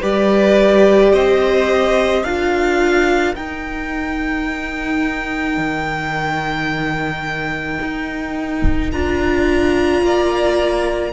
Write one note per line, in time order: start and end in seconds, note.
0.00 1.13 G3
0.00 2.24 G4
0.00 1.11 B4
0.00 1.14 D5
1.13 2.23 C4
1.13 2.25 C5
1.13 2.24 D#5
2.23 3.34 D4
2.23 3.35 F4
2.23 10.02 A#4
2.23 3.35 F5
3.35 8.91 D#4
3.35 5.57 D#4
3.35 8.91 G5
5.57 7.79 D#3
7.81 8.93 D#4
8.91 10.01 D4
8.91 11.13 F4
8.91 11.13 A#5
10.01 11.12 A#3
10.01 11.13 D5